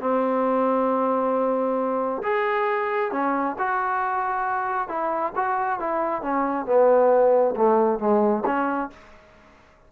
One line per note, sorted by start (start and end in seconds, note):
0.00 2.22 C4
2.23 3.12 G#4
3.12 3.56 C#4
3.58 4.88 F#4
4.88 5.33 E4
5.36 5.79 F#4
5.79 6.22 E4
6.22 6.66 C#4
6.66 7.55 B3
7.56 7.99 A3
7.99 8.43 G#3
8.45 8.90 C#4